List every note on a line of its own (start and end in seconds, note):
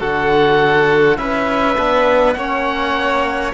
0.00 1.18 D3
0.00 1.17 F#4
0.00 1.18 A4
0.00 1.17 F#5
1.17 1.77 C#4
1.17 1.75 E4
1.17 2.37 B4
1.17 2.33 E5
1.77 2.35 B3
1.77 2.36 D4
2.33 3.53 A#3
2.33 3.54 C#4
2.33 3.54 C#5
2.33 3.51 F#5